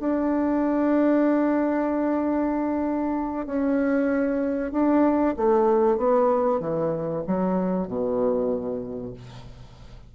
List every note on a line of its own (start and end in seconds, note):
0.00 3.46 D4
3.46 4.72 C#4
4.72 5.35 D4
5.36 5.97 A3
5.97 6.60 B3
6.60 7.23 E3
7.27 7.87 F#3
7.87 9.13 B2